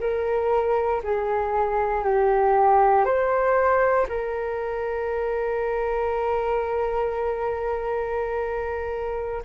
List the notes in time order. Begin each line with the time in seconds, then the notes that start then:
0.00 A#4
1.03 G#4
2.04 G4
3.05 C5
4.09 A#4